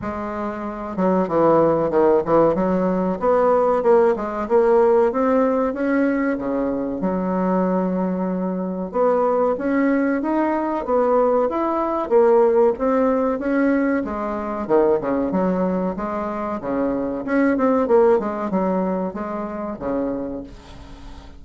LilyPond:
\new Staff \with { instrumentName = "bassoon" } { \time 4/4 \tempo 4 = 94 gis4. fis8 e4 dis8 e8 | fis4 b4 ais8 gis8 ais4 | c'4 cis'4 cis4 fis4~ | fis2 b4 cis'4 |
dis'4 b4 e'4 ais4 | c'4 cis'4 gis4 dis8 cis8 | fis4 gis4 cis4 cis'8 c'8 | ais8 gis8 fis4 gis4 cis4 | }